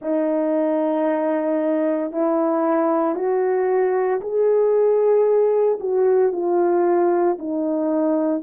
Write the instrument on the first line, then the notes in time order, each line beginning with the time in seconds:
horn
0.01 D#4
2.11 E4
3.15 F#4
4.21 G#4
5.79 F#4
6.32 F4
7.38 D#4